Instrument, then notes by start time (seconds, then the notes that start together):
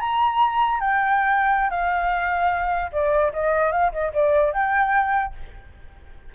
flute
0.00 A#5
0.80 G5
1.70 F5
2.92 D5
3.33 D#5
3.72 F5
3.92 D#5
4.13 D5
4.53 G5